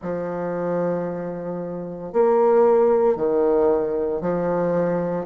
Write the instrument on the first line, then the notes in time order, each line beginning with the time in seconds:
bassoon
0.02 F3
2.12 A#3
3.16 D#3
4.21 F3